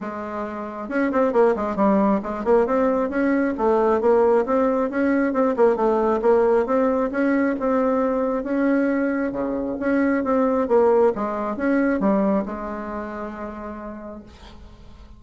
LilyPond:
\new Staff \with { instrumentName = "bassoon" } { \time 4/4 \tempo 4 = 135 gis2 cis'8 c'8 ais8 gis8 | g4 gis8 ais8 c'4 cis'4 | a4 ais4 c'4 cis'4 | c'8 ais8 a4 ais4 c'4 |
cis'4 c'2 cis'4~ | cis'4 cis4 cis'4 c'4 | ais4 gis4 cis'4 g4 | gis1 | }